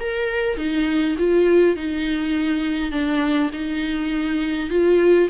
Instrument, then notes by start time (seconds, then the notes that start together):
viola
0.00 A#4
0.57 D#4
1.18 F4
1.76 D#4
2.91 D4
3.53 D#4
4.70 F4